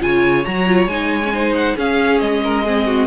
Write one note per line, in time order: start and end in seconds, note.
0.00 0.47 C#3
0.00 0.44 F4
0.00 1.34 C#5
0.00 0.45 G#5
0.45 0.86 F#3
0.45 0.68 F#4
0.45 0.88 A#5
0.68 0.89 F4
0.86 1.74 G#3
0.86 1.24 D#4
0.86 1.53 G#5
1.25 1.33 C#4
1.33 1.77 D#4
1.33 1.77 C5
1.55 1.77 F#5
1.77 2.65 C#4
1.77 2.21 C#4
1.77 2.42 G#4
1.77 2.20 F5
2.20 3.08 G#3
2.20 3.07 D#5
2.44 2.65 A#4
2.65 3.08 C4
2.65 2.87 G#4
2.87 3.08 F#4